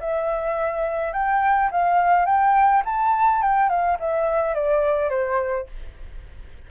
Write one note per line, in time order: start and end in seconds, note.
0.00 1.13 E5
1.13 1.70 G5
1.71 2.26 F5
2.26 2.83 G5
2.85 3.42 A5
3.42 3.69 G5
3.69 3.98 F5
4.00 4.55 E5
4.55 5.10 D5
5.10 5.67 C5